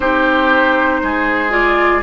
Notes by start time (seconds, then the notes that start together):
0.00 C4 D#4 G4 C5
1.02 G#3 G#4
1.50 F4 D5